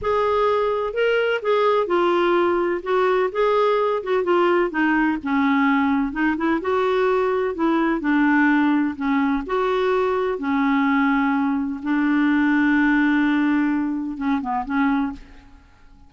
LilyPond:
\new Staff \with { instrumentName = "clarinet" } { \time 4/4 \tempo 4 = 127 gis'2 ais'4 gis'4 | f'2 fis'4 gis'4~ | gis'8 fis'8 f'4 dis'4 cis'4~ | cis'4 dis'8 e'8 fis'2 |
e'4 d'2 cis'4 | fis'2 cis'2~ | cis'4 d'2.~ | d'2 cis'8 b8 cis'4 | }